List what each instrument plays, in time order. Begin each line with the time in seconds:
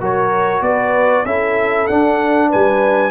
0.00 tuba F#3, trombone F#4, horn A#4, trumpet C#5
0.60 tuba B3, horn B4, trumpet D5
1.25 tuba C#4, trombone E4, horn A4, trumpet E5
1.86 trombone D4, tuba D4, trumpet F#5
2.49 tuba G3, horn B4, trumpet G#5